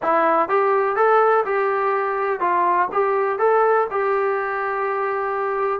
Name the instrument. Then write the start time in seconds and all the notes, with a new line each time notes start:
trombone
0.02 E4
0.48 G4
0.96 A4
1.45 G4
2.40 F4
2.92 G4
3.38 A4
3.90 G4